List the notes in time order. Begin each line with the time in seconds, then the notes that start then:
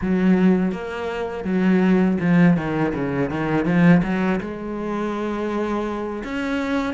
0.01 F#3
0.72 A#3
1.44 F#3
2.20 F3
2.56 D#3
2.94 C#3
3.30 D#3
3.65 F3
4.03 F#3
4.40 G#3
6.24 C#4